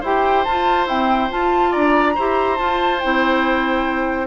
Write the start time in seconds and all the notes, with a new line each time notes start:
0.00 E4 G4 C5 G5
0.44 F4 A5
0.86 C4 E4 G5
1.30 F4 A5
1.71 D4 D5 A#5
2.15 E4 G4 C5
2.57 F4 A5
2.99 C4 E4 G5